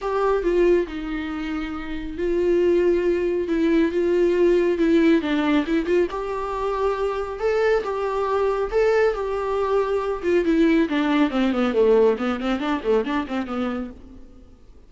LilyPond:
\new Staff \with { instrumentName = "viola" } { \time 4/4 \tempo 4 = 138 g'4 f'4 dis'2~ | dis'4 f'2. | e'4 f'2 e'4 | d'4 e'8 f'8 g'2~ |
g'4 a'4 g'2 | a'4 g'2~ g'8 f'8 | e'4 d'4 c'8 b8 a4 | b8 c'8 d'8 a8 d'8 c'8 b4 | }